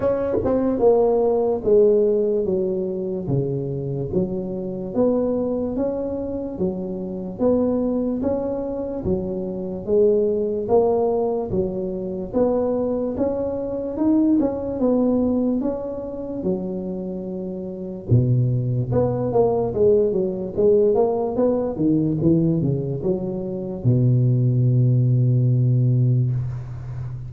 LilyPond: \new Staff \with { instrumentName = "tuba" } { \time 4/4 \tempo 4 = 73 cis'8 c'8 ais4 gis4 fis4 | cis4 fis4 b4 cis'4 | fis4 b4 cis'4 fis4 | gis4 ais4 fis4 b4 |
cis'4 dis'8 cis'8 b4 cis'4 | fis2 b,4 b8 ais8 | gis8 fis8 gis8 ais8 b8 dis8 e8 cis8 | fis4 b,2. | }